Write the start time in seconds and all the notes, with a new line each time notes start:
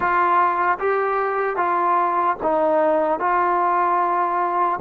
0.00 F4
0.78 G4
1.56 F4
2.43 D#4
3.19 F4